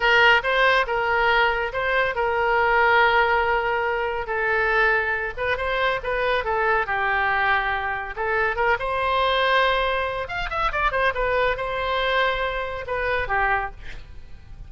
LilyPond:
\new Staff \with { instrumentName = "oboe" } { \time 4/4 \tempo 4 = 140 ais'4 c''4 ais'2 | c''4 ais'2.~ | ais'2 a'2~ | a'8 b'8 c''4 b'4 a'4 |
g'2. a'4 | ais'8 c''2.~ c''8 | f''8 e''8 d''8 c''8 b'4 c''4~ | c''2 b'4 g'4 | }